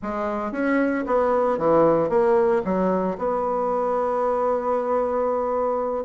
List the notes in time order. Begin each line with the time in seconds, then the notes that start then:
0.02 G#3
0.52 C#4
1.06 B3
1.58 E3
2.09 A#3
2.64 F#3
3.18 B3